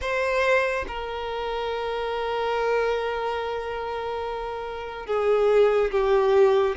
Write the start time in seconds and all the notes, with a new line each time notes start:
0.01 C5
0.87 A#4
5.06 G#4
5.91 G4